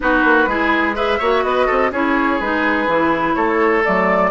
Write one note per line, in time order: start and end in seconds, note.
0.00 0.24 B3
0.00 0.48 D#4
0.00 0.49 F#4
0.00 0.96 B4
0.24 0.47 A#3
0.47 1.19 G#3
0.47 0.94 E4
0.47 0.95 G#4
0.94 1.18 G#4
0.94 1.19 B4
0.94 1.43 E5
1.19 1.43 A#3
1.19 1.92 F#4
1.19 1.43 C#5
1.43 1.67 B3
1.43 1.66 B4
1.43 1.91 D#5
1.66 1.91 C4
1.66 1.90 A4
1.91 2.39 C#4
1.91 2.40 E4
1.91 3.35 G#4
1.91 2.40 C#5
2.40 2.87 G#3
2.40 2.87 D#4
2.40 3.34 B4
2.87 3.35 E3
2.87 3.83 E4
3.34 3.84 A3
3.34 4.30 A4
3.34 3.82 C#5
3.84 4.30 F#3
3.84 4.30 A3
3.84 4.30 D5